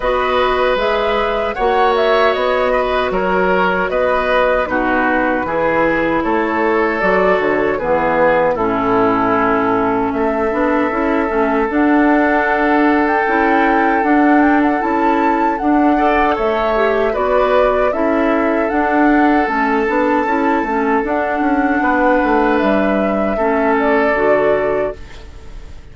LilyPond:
<<
  \new Staff \with { instrumentName = "flute" } { \time 4/4 \tempo 4 = 77 dis''4 e''4 fis''8 e''8 dis''4 | cis''4 dis''4 b'2 | cis''4 d''8 cis''8 b'4 a'4~ | a'4 e''2 fis''4~ |
fis''8. g''4~ g''16 fis''8 g''16 fis''16 a''4 | fis''4 e''4 d''4 e''4 | fis''4 a''2 fis''4~ | fis''4 e''4. d''4. | }
  \new Staff \with { instrumentName = "oboe" } { \time 4/4 b'2 cis''4. b'8 | ais'4 b'4 fis'4 gis'4 | a'2 gis'4 e'4~ | e'4 a'2.~ |
a'1~ | a'8 d''8 cis''4 b'4 a'4~ | a'1 | b'2 a'2 | }
  \new Staff \with { instrumentName = "clarinet" } { \time 4/4 fis'4 gis'4 fis'2~ | fis'2 dis'4 e'4~ | e'4 fis'4 b4 cis'4~ | cis'4. d'8 e'8 cis'8 d'4~ |
d'4 e'4 d'4 e'4 | d'8 a'4 g'8 fis'4 e'4 | d'4 cis'8 d'8 e'8 cis'8 d'4~ | d'2 cis'4 fis'4 | }
  \new Staff \with { instrumentName = "bassoon" } { \time 4/4 b4 gis4 ais4 b4 | fis4 b4 b,4 e4 | a4 fis8 d8 e4 a,4~ | a,4 a8 b8 cis'8 a8 d'4~ |
d'4 cis'4 d'4 cis'4 | d'4 a4 b4 cis'4 | d'4 a8 b8 cis'8 a8 d'8 cis'8 | b8 a8 g4 a4 d4 | }
>>